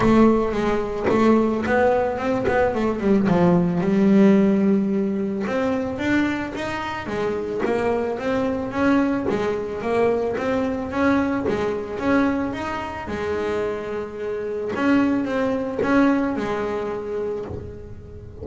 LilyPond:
\new Staff \with { instrumentName = "double bass" } { \time 4/4 \tempo 4 = 110 a4 gis4 a4 b4 | c'8 b8 a8 g8 f4 g4~ | g2 c'4 d'4 | dis'4 gis4 ais4 c'4 |
cis'4 gis4 ais4 c'4 | cis'4 gis4 cis'4 dis'4 | gis2. cis'4 | c'4 cis'4 gis2 | }